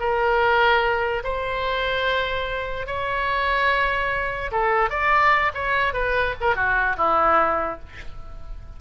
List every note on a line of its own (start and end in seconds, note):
0.00 1.23 A#4
1.24 2.87 C5
2.87 4.51 C#5
4.52 4.90 A4
4.90 5.52 D5
5.54 5.94 C#5
5.94 6.35 B4
6.41 6.55 A#4
6.55 6.97 F#4
6.97 7.80 E4